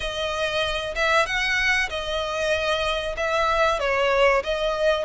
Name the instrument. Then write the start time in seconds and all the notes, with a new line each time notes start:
violin
0.00 D#5
0.95 E5
1.26 F#5
1.89 D#5
3.17 E5
3.79 C#5
4.43 D#5